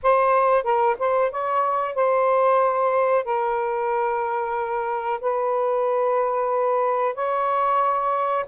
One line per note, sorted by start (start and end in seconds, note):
0.03 0.63 C5
0.63 0.96 A#4
0.98 1.31 C5
1.31 1.94 C#5
1.94 3.24 C5
3.24 5.20 A#4
5.21 7.14 B4
7.14 8.45 C#5